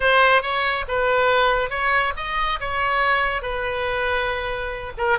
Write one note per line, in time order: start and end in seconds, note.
0.00 0.42 C5
0.42 0.85 C#5
0.88 1.70 B4
1.70 2.13 C#5
2.16 2.59 D#5
2.60 3.41 C#5
3.41 4.92 B4
4.97 5.18 A#4